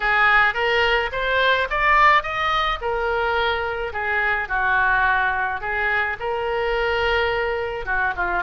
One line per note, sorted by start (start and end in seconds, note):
0.00 0.54 G#4
0.54 1.10 A#4
1.11 1.67 C5
1.70 2.22 D5
2.22 2.78 D#5
2.81 3.93 A#4
3.93 4.48 G#4
4.48 5.60 F#4
5.60 6.16 G#4
6.19 7.85 A#4
7.85 8.13 F#4
8.16 8.43 F4